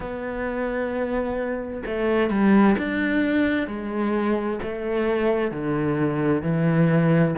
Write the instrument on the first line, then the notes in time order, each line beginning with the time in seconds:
cello
0.00 B3
1.85 A3
2.30 G3
2.77 D4
3.67 G#3
4.62 A3
5.51 D3
6.42 E3